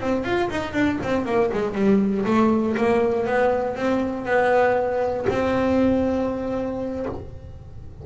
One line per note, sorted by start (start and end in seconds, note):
0.00 0.24 C4
0.24 0.49 F4
0.50 0.73 D#4
0.73 0.98 D4
1.03 1.25 C4
1.25 1.50 A#3
1.53 1.74 G#3
1.74 2.25 G3
2.25 2.75 A3
2.77 3.26 A#3
3.26 3.76 B3
3.76 4.25 C4
4.25 5.26 B3
5.29 7.05 C4